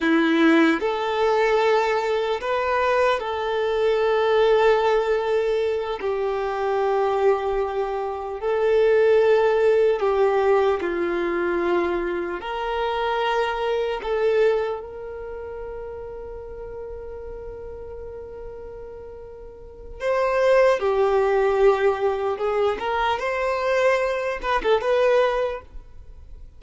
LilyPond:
\new Staff \with { instrumentName = "violin" } { \time 4/4 \tempo 4 = 75 e'4 a'2 b'4 | a'2.~ a'8 g'8~ | g'2~ g'8 a'4.~ | a'8 g'4 f'2 ais'8~ |
ais'4. a'4 ais'4.~ | ais'1~ | ais'4 c''4 g'2 | gis'8 ais'8 c''4. b'16 a'16 b'4 | }